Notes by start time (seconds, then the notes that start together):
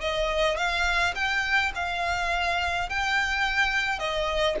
0.00 D#5
0.57 F5
1.15 G5
1.75 F5
2.89 G5
3.99 D#5